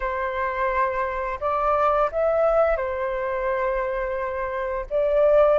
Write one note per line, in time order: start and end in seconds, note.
0.00 1.39 C5
1.40 2.10 D5
2.11 2.77 E5
2.77 4.86 C5
4.90 5.58 D5